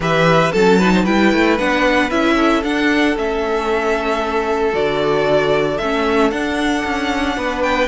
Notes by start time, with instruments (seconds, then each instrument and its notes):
0.00 cello E3, viola G4, violin B4 E5
0.52 cello F#3, viola C#4, violin A4 A5
0.79 viola D#4, violin B4
0.93 violin C5
1.03 cello G3, viola E4, violin B4 G5
1.33 cello A3
1.58 cello B3, viola D4, violin F#5
2.10 cello C#4, viola E4, violin E5
2.35 violin A4
2.63 cello D4, viola D4, violin F#5
3.16 cello A3, viola C#4, violin E5
4.71 cello D3, viola F#4, violin D5
5.78 cello A3, viola C#4, violin E5
6.30 cello D4, viola D4, violin F#5
6.84 cello C#4
7.37 cello B3, violin B4
7.62 violin G5